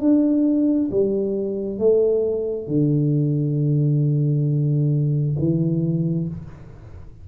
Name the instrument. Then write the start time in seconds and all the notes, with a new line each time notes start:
tuba
0.00 D4
0.91 G3
1.78 A3
2.67 D3
5.38 E3